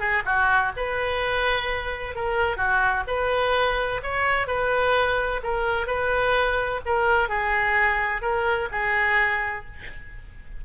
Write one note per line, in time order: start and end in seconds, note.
0.00 0.23 G#4
0.26 0.72 F#4
0.77 2.16 B4
2.16 2.57 A#4
2.57 3.04 F#4
3.08 4.01 B4
4.03 4.47 C#5
4.47 5.41 B4
5.44 5.87 A#4
5.87 6.81 B4
6.86 7.29 A#4
7.29 8.22 G#4
8.22 8.69 A#4
8.72 9.66 G#4